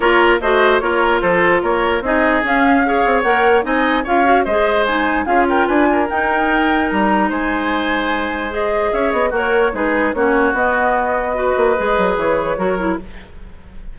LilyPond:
<<
  \new Staff \with { instrumentName = "flute" } { \time 4/4 \tempo 4 = 148 cis''4 dis''4 cis''4 c''4 | cis''4 dis''4 f''2 | fis''4 gis''4 f''4 dis''4 | gis''4 f''8 g''8 gis''4 g''4~ |
g''4 ais''4 gis''2~ | gis''4 dis''4 e''8 dis''8 cis''4 | b'4 cis''4 dis''2~ | dis''2 cis''2 | }
  \new Staff \with { instrumentName = "oboe" } { \time 4/4 ais'4 c''4 ais'4 a'4 | ais'4 gis'2 cis''4~ | cis''4 dis''4 cis''4 c''4~ | c''4 gis'8 ais'8 b'8 ais'4.~ |
ais'2 c''2~ | c''2 cis''4 fis'4 | gis'4 fis'2. | b'2. ais'4 | }
  \new Staff \with { instrumentName = "clarinet" } { \time 4/4 f'4 fis'4 f'2~ | f'4 dis'4 cis'4 gis'4 | ais'4 dis'4 f'8 fis'8 gis'4 | dis'4 f'2 dis'4~ |
dis'1~ | dis'4 gis'2 ais'4 | dis'4 cis'4 b2 | fis'4 gis'2 fis'8 e'8 | }
  \new Staff \with { instrumentName = "bassoon" } { \time 4/4 ais4 a4 ais4 f4 | ais4 c'4 cis'4. c'8 | ais4 c'4 cis'4 gis4~ | gis4 cis'4 d'4 dis'4~ |
dis'4 g4 gis2~ | gis2 cis'8 b8 ais4 | gis4 ais4 b2~ | b8 ais8 gis8 fis8 e4 fis4 | }
>>